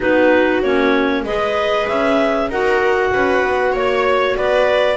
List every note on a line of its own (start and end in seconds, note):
0.00 0.62 B3
0.00 0.63 D#4
0.00 1.23 F#4
0.00 0.62 B4
0.62 1.23 A#3
0.62 1.26 C#4
0.62 1.24 C#5
1.23 1.85 G#3
1.23 2.51 G#4
1.23 2.49 B4
1.23 1.88 D#5
1.88 2.49 C#4
1.88 2.50 E5
2.49 3.11 D#4
2.49 4.97 F#4
2.49 3.12 A#4
2.49 3.76 F#5
3.12 3.43 C#4
3.12 3.72 B4
3.43 3.74 B3
3.72 4.36 A#3
3.72 4.34 C#5
3.72 4.36 C#5
4.36 4.97 B3
4.36 4.97 B4
4.36 4.97 D5